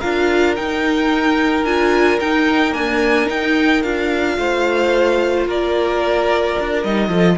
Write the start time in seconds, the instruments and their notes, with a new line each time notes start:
0.00 cello D4, viola F4, violin A#4 F5
0.56 viola D#4, cello D#4, violin G5
1.65 cello D4, viola F4, violin G#5
2.20 viola D#4, cello D#4, violin G5
2.72 viola A#3, cello D4, violin G#5
3.26 viola D#4, cello D#4, violin G5
3.83 cello D4, viola F4, violin F5
4.38 cello A3, violin C5
5.47 cello A#3, violin A#4 D5
6.60 cello D4
6.84 cello G3, viola D#4, violin D#5
7.09 cello F3, viola F4, violin A4